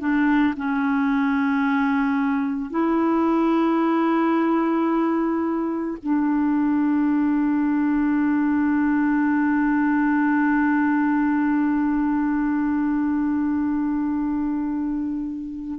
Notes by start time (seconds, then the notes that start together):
0.00 D4
0.57 C#4
2.70 E4
6.03 D4